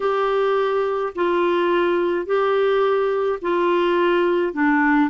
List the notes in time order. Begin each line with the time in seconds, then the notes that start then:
0.00 G4
1.15 F4
2.25 G4
3.41 F4
4.53 D4